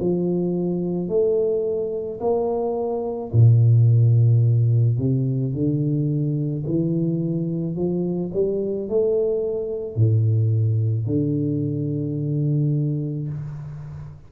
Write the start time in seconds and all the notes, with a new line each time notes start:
0.00 F3
1.09 A3
2.20 A#3
3.32 A#2
4.98 C3
5.54 D3
6.66 E3
7.75 F3
8.33 G3
8.89 A3
9.96 A2
11.06 D3